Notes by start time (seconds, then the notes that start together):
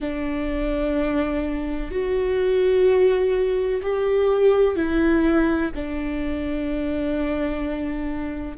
0.00 D4
1.90 F#4
3.82 G4
4.76 E4
5.74 D4